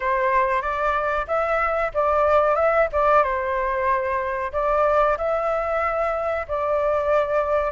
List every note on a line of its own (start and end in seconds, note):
0.00 0.61 C5
0.61 1.26 D5
1.27 1.91 E5
1.94 2.55 D5
2.55 2.87 E5
2.92 3.23 D5
3.23 4.52 C5
4.52 5.17 D5
5.17 6.46 E5
6.48 7.71 D5